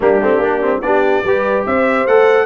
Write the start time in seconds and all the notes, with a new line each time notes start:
0.00 G3 A#3 D4 G4
0.21 A3 C4
0.38 A#3 D4
0.61 C4
0.81 B3 D4 G4 D5
1.23 G3 G4 B4
1.66 C4 C5 E5
2.06 A3 A4 F#5